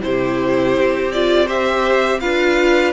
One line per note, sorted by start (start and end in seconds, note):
0.00 0.77 C3
0.00 1.10 E4
0.00 1.46 G4
0.00 1.12 C5
0.77 2.23 C4
1.12 1.47 F4
1.12 1.48 D5
1.46 2.20 G4
1.46 2.19 C5
1.46 2.20 E5
2.20 2.93 D4
2.20 2.93 F4
2.20 2.93 B4
2.20 2.93 F5